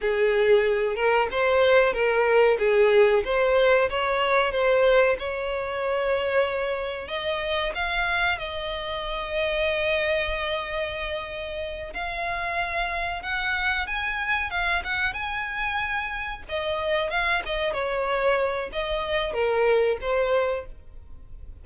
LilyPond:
\new Staff \with { instrumentName = "violin" } { \time 4/4 \tempo 4 = 93 gis'4. ais'8 c''4 ais'4 | gis'4 c''4 cis''4 c''4 | cis''2. dis''4 | f''4 dis''2.~ |
dis''2~ dis''8 f''4.~ | f''8 fis''4 gis''4 f''8 fis''8 gis''8~ | gis''4. dis''4 f''8 dis''8 cis''8~ | cis''4 dis''4 ais'4 c''4 | }